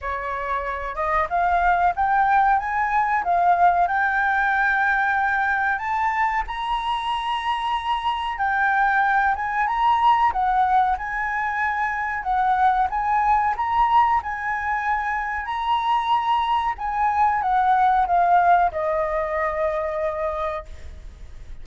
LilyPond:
\new Staff \with { instrumentName = "flute" } { \time 4/4 \tempo 4 = 93 cis''4. dis''8 f''4 g''4 | gis''4 f''4 g''2~ | g''4 a''4 ais''2~ | ais''4 g''4. gis''8 ais''4 |
fis''4 gis''2 fis''4 | gis''4 ais''4 gis''2 | ais''2 gis''4 fis''4 | f''4 dis''2. | }